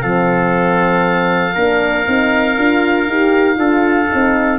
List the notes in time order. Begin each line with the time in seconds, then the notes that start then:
0.00 F3 C4 A4 F5
1.54 A#3 D4 A#4
2.06 C4 D#4
2.57 D4 F4
3.08 D#4 G4
3.56 D4 F4 A4
4.09 C4 D#4